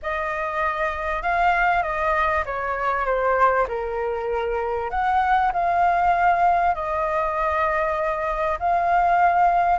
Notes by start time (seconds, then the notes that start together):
0.02 D#5
1.22 F5
1.82 D#5
2.45 C#5
3.05 C5
3.68 A#4
4.90 F#5
5.52 F5
6.74 D#5
8.59 F5